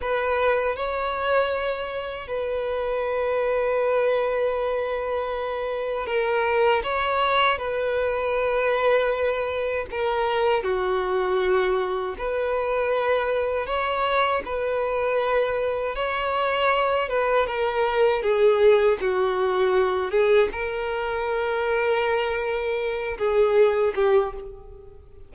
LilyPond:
\new Staff \with { instrumentName = "violin" } { \time 4/4 \tempo 4 = 79 b'4 cis''2 b'4~ | b'1 | ais'4 cis''4 b'2~ | b'4 ais'4 fis'2 |
b'2 cis''4 b'4~ | b'4 cis''4. b'8 ais'4 | gis'4 fis'4. gis'8 ais'4~ | ais'2~ ais'8 gis'4 g'8 | }